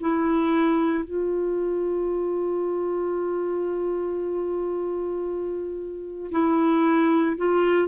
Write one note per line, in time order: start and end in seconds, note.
0.00 1.04 E4
1.04 6.30 F4
6.31 7.36 E4
7.37 7.88 F4